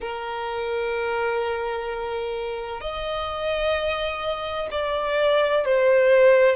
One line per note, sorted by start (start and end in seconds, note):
0.00 2.80 A#4
2.80 4.68 D#5
4.71 5.65 D5
5.65 6.56 C5